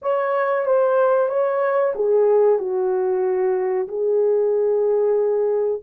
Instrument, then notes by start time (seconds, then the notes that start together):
horn
0.01 C#5
0.65 C5
1.28 C#5
1.95 G#4
2.58 F#4
3.87 G#4